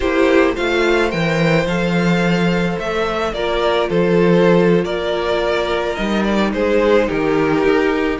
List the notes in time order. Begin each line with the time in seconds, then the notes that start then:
0.00 A#3 E4 G4 C5
0.54 A3 F4 C5 F5
1.10 E3 A#4 G5
1.65 F3 A4 F5
2.78 A3 E5
3.33 A#3 F4 A#4 D5
3.89 F3 A4 C5
4.84 A#3 A#4 D5
5.95 G3 D#4 D#5
6.23 D5
6.53 G#3 G#4 C5
7.08 D#3 G4 A#4
7.64 D#4